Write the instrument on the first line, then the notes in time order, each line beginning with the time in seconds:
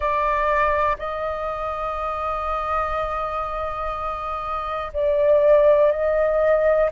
flute
0.00 D5
0.98 D#5
4.93 D5
5.92 D#5